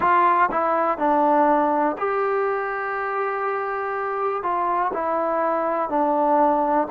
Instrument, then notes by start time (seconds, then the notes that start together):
trombone
0.00 F4
0.51 E4
0.98 D4
1.98 G4
4.42 F4
4.93 E4
5.89 D4